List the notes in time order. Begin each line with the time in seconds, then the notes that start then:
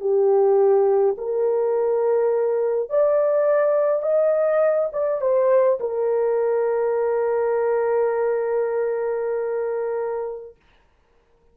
0.00 G4
1.17 A#4
2.89 D5
4.02 D#5
4.92 D5
5.21 C5
5.80 A#4